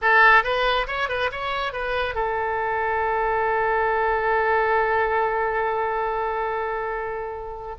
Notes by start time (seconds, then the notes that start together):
0.01 A4
0.43 B4
0.87 C#5
1.09 B4
1.31 C#5
1.72 B4
2.14 A4